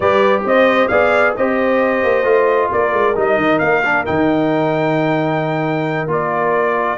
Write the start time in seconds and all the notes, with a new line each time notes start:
0.00 G3 G4 B4 D5
0.44 C4 C5 D#5
0.88 B3 G#4 D5 F5
1.36 C4 G4 C5 D#5
2.03 A#3
2.23 A3 F4
2.71 A#3 A#4 D5
2.92 G#3
3.15 G3 D#4 D#5
3.36 D#3
3.59 A#3 F5
3.84 D4
4.05 D#3 D#4 G5
6.06 A#3 F4 D5